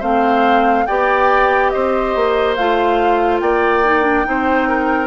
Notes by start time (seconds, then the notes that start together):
0.00 A3 C4 C5 F5
0.86 B3 G4 D5 G5
1.70 C4 C5 D#5
2.15 A#3
2.55 A3 F4 F5
3.40 A#3 D5 G5
3.84 D#4
4.02 D4
4.24 C4 D#4 C5
4.69 A#4